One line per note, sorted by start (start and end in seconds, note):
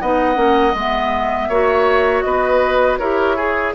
0.00 0.36 B3
0.00 0.35 D#4
0.00 1.49 D#5
0.00 0.75 F#5
0.35 0.74 A#3
0.35 0.72 C#4
0.74 1.49 G#3
0.74 1.51 B3
0.74 2.22 E5
1.49 2.24 A#3
1.49 3.01 F#4
1.49 2.24 C#5
2.22 2.99 B3
2.22 2.99 B4
2.22 2.97 D#5
2.99 3.74 E4
2.99 3.38 G4
2.99 3.36 A#4
2.99 3.74 C#5
3.36 3.74 G#4
3.36 3.75 G#4